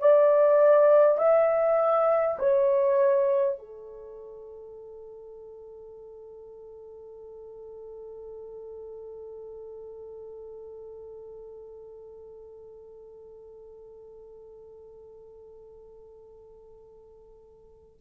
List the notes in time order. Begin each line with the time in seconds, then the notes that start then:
0.00 D5
1.18 E5
2.39 C#5
3.58 A4